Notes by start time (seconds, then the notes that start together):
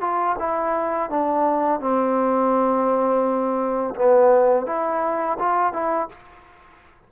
0.00 F4
0.39 E4
1.09 D4
1.80 C4
3.95 B3
4.66 E4
5.39 F4
5.73 E4